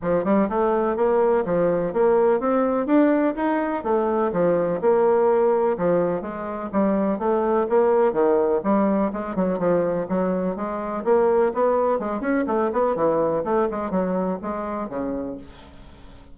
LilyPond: \new Staff \with { instrumentName = "bassoon" } { \time 4/4 \tempo 4 = 125 f8 g8 a4 ais4 f4 | ais4 c'4 d'4 dis'4 | a4 f4 ais2 | f4 gis4 g4 a4 |
ais4 dis4 g4 gis8 fis8 | f4 fis4 gis4 ais4 | b4 gis8 cis'8 a8 b8 e4 | a8 gis8 fis4 gis4 cis4 | }